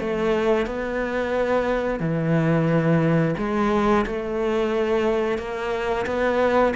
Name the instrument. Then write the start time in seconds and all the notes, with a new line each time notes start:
cello
0.00 A3
0.66 B3
2.00 E3
3.38 G#3
4.07 A3
5.38 A#3
6.07 B3